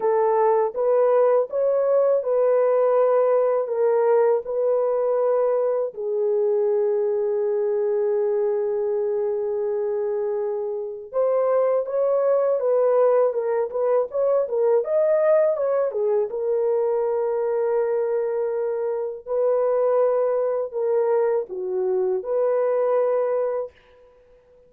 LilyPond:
\new Staff \with { instrumentName = "horn" } { \time 4/4 \tempo 4 = 81 a'4 b'4 cis''4 b'4~ | b'4 ais'4 b'2 | gis'1~ | gis'2. c''4 |
cis''4 b'4 ais'8 b'8 cis''8 ais'8 | dis''4 cis''8 gis'8 ais'2~ | ais'2 b'2 | ais'4 fis'4 b'2 | }